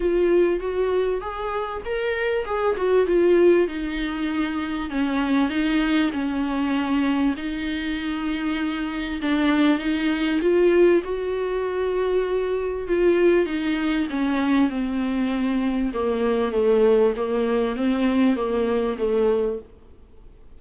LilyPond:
\new Staff \with { instrumentName = "viola" } { \time 4/4 \tempo 4 = 98 f'4 fis'4 gis'4 ais'4 | gis'8 fis'8 f'4 dis'2 | cis'4 dis'4 cis'2 | dis'2. d'4 |
dis'4 f'4 fis'2~ | fis'4 f'4 dis'4 cis'4 | c'2 ais4 a4 | ais4 c'4 ais4 a4 | }